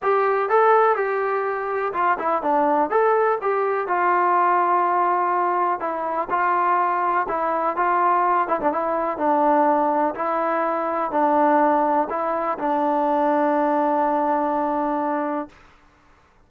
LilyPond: \new Staff \with { instrumentName = "trombone" } { \time 4/4 \tempo 4 = 124 g'4 a'4 g'2 | f'8 e'8 d'4 a'4 g'4 | f'1 | e'4 f'2 e'4 |
f'4. e'16 d'16 e'4 d'4~ | d'4 e'2 d'4~ | d'4 e'4 d'2~ | d'1 | }